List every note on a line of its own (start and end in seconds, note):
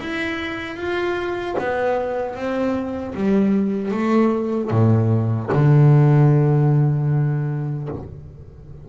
0.00 0.76 E4
0.76 1.55 F4
1.58 2.35 B3
2.35 3.14 C4
3.14 3.91 G3
3.91 4.70 A3
4.70 5.49 A2
5.52 7.88 D3